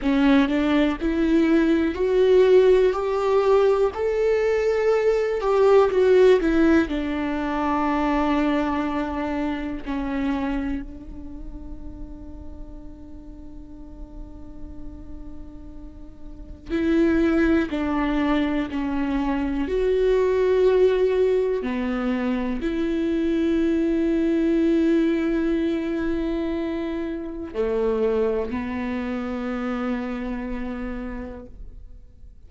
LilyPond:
\new Staff \with { instrumentName = "viola" } { \time 4/4 \tempo 4 = 61 cis'8 d'8 e'4 fis'4 g'4 | a'4. g'8 fis'8 e'8 d'4~ | d'2 cis'4 d'4~ | d'1~ |
d'4 e'4 d'4 cis'4 | fis'2 b4 e'4~ | e'1 | a4 b2. | }